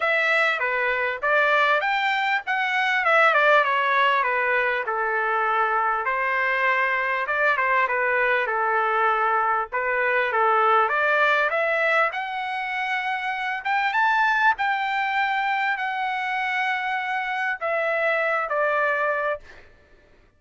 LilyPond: \new Staff \with { instrumentName = "trumpet" } { \time 4/4 \tempo 4 = 99 e''4 b'4 d''4 g''4 | fis''4 e''8 d''8 cis''4 b'4 | a'2 c''2 | d''8 c''8 b'4 a'2 |
b'4 a'4 d''4 e''4 | fis''2~ fis''8 g''8 a''4 | g''2 fis''2~ | fis''4 e''4. d''4. | }